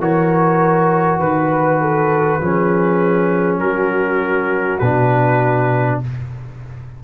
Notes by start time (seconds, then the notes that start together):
0.00 E3 F#4 A#4 C#5
1.20 D#3 B4
1.81 A4
2.41 F3 C#4 G#4
3.59 F#3 F#4 A#4
4.79 B2 D4 B4